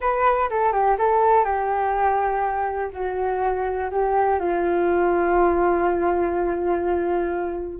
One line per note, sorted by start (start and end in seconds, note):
0.00 0.49 B4
0.50 0.72 A4
0.72 0.96 G4
0.98 1.44 A4
1.44 2.90 G4
2.92 3.90 F#4
3.90 4.39 G4
4.39 7.80 F4